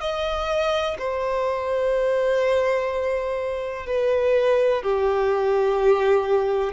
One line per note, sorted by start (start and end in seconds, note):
0.00 0.97 D#5
0.98 3.86 C5
3.86 4.83 B4
4.83 6.73 G4